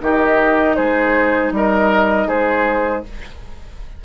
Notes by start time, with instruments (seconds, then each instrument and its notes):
0.00 bassoon D#3, clarinet D#4, oboe G4, flute D#5
0.76 bassoon G#3, oboe G#4, flute C5
1.52 bassoon G3, oboe A#4, flute D#5
2.28 bassoon G#3, oboe G#4, flute C5